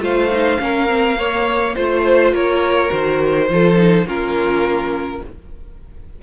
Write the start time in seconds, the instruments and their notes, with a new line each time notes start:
0.00 cello A3, viola F4, violin C5 F5
0.31 viola D#4
0.58 cello A#3, viola C#4, violin A#4
0.87 viola C4
1.18 viola A#3, violin C#5
1.75 cello A3, viola F4, violin C5
2.32 cello A#3, violin A#4 C#5
2.88 cello D#3, viola F#4, violin C5
3.50 cello F3, viola F4, violin A4
3.75 viola D#4
4.05 cello A#3, viola C#4, violin F4 A#4